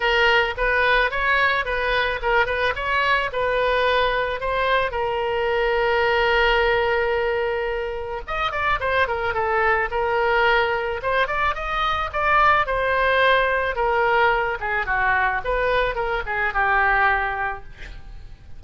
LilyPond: \new Staff \with { instrumentName = "oboe" } { \time 4/4 \tempo 4 = 109 ais'4 b'4 cis''4 b'4 | ais'8 b'8 cis''4 b'2 | c''4 ais'2.~ | ais'2. dis''8 d''8 |
c''8 ais'8 a'4 ais'2 | c''8 d''8 dis''4 d''4 c''4~ | c''4 ais'4. gis'8 fis'4 | b'4 ais'8 gis'8 g'2 | }